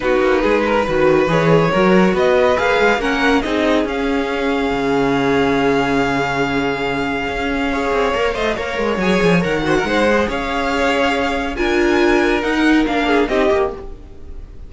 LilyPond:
<<
  \new Staff \with { instrumentName = "violin" } { \time 4/4 \tempo 4 = 140 b'2. cis''4~ | cis''4 dis''4 f''4 fis''4 | dis''4 f''2.~ | f''1~ |
f''1~ | f''4 gis''4 fis''2 | f''2. gis''4~ | gis''4 fis''4 f''4 dis''4 | }
  \new Staff \with { instrumentName = "violin" } { \time 4/4 fis'4 gis'8 ais'8 b'2 | ais'4 b'2 ais'4 | gis'1~ | gis'1~ |
gis'2 cis''4. dis''8 | cis''2~ cis''8 c''16 ais'16 c''4 | cis''2. ais'4~ | ais'2~ ais'8 gis'8 g'4 | }
  \new Staff \with { instrumentName = "viola" } { \time 4/4 dis'2 fis'4 gis'4 | fis'2 gis'4 cis'4 | dis'4 cis'2.~ | cis'1~ |
cis'2 gis'4 ais'8 c''8 | ais'4 gis'4 ais'8 fis'8 dis'8 gis'8~ | gis'2. f'4~ | f'4 dis'4 d'4 dis'8 g'8 | }
  \new Staff \with { instrumentName = "cello" } { \time 4/4 b8 ais8 gis4 dis4 e4 | fis4 b4 ais8 gis8 ais4 | c'4 cis'2 cis4~ | cis1~ |
cis4 cis'4. c'8 ais8 a8 | ais8 gis8 fis8 f8 dis4 gis4 | cis'2. d'4~ | d'4 dis'4 ais4 c'8 ais8 | }
>>